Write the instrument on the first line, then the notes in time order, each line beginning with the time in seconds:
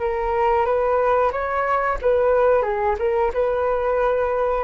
flute
0.00 A#4
0.66 B4
1.33 C#5
2.02 B4
2.63 G#4
2.99 A#4
3.34 B4